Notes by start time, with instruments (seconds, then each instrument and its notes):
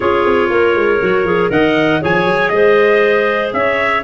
0.00 tuba C#4, clarinet F4 G#4, trumpet C#5
0.25 tuba C4
0.49 tuba A#3, clarinet A#4
0.74 tuba G#3
1.00 tuba F#3, clarinet F#4
1.24 tuba F3, clarinet G#4
1.49 tuba D#3, clarinet A#4 D#5, trumpet F#5
2.01 tuba F3, clarinet G#4 C#5, trumpet G#5
2.25 tuba F#3
2.49 tuba G#3, clarinet C5, trumpet D#5
3.53 tuba C#4, clarinet C#5, trumpet E5